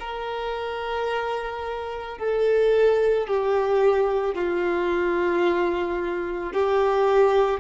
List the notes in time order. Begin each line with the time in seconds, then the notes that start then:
0.00 A#4
2.19 A4
3.28 G4
4.35 F4
6.54 G4